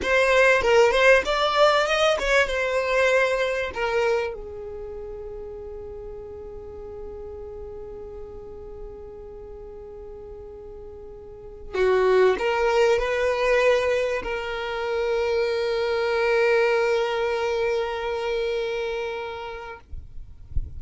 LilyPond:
\new Staff \with { instrumentName = "violin" } { \time 4/4 \tempo 4 = 97 c''4 ais'8 c''8 d''4 dis''8 cis''8 | c''2 ais'4 gis'4~ | gis'1~ | gis'1~ |
gis'2. fis'4 | ais'4 b'2 ais'4~ | ais'1~ | ais'1 | }